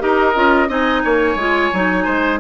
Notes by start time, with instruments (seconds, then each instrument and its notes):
0.00 bassoon D#4, clarinet G4, oboe A#4, flute D#5
0.35 bassoon C#4, clarinet F4
0.69 bassoon C4, clarinet D#4, oboe D#5, flute G#5
1.04 bassoon A#3, oboe C#5
1.36 bassoon G#3, clarinet F4
1.73 bassoon F#3, clarinet D#4
2.05 bassoon G#3, oboe C5